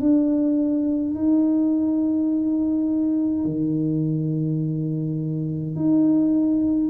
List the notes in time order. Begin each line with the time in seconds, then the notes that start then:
0.00 D4
1.15 D#4
3.45 D#3
5.75 D#4